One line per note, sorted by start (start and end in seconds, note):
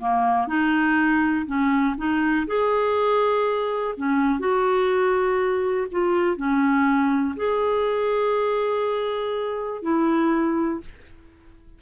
0.00 0.48 A#3
0.48 1.46 D#4
1.47 1.96 C#4
1.98 2.47 D#4
2.47 3.95 G#4
3.97 4.40 C#4
4.40 5.87 F#4
5.92 6.37 F4
6.37 7.35 C#4
7.37 9.82 G#4
9.82 10.81 E4